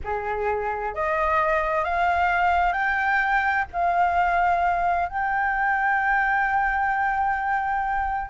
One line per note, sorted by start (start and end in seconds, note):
0.04 0.94 G#4
0.94 1.84 D#5
1.84 2.72 F5
2.72 3.65 G5
3.72 5.09 F5
5.09 8.30 G5